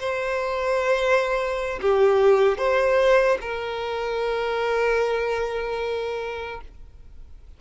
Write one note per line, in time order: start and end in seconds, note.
0.00 1.80 C5
1.82 2.58 G4
2.58 3.38 C5
3.41 6.61 A#4